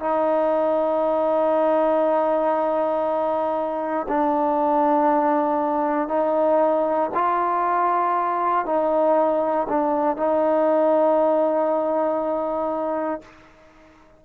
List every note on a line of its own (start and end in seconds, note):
0.00 4.07 D#4
4.09 6.09 D4
6.09 7.10 D#4
7.14 8.66 F4
8.66 9.67 D#4
9.69 10.16 D4
10.16 13.22 D#4